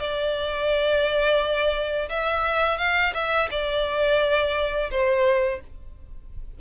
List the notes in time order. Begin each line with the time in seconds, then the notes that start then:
0.00 D5
2.10 E5
2.78 F5
3.14 E5
3.51 D5
4.91 C5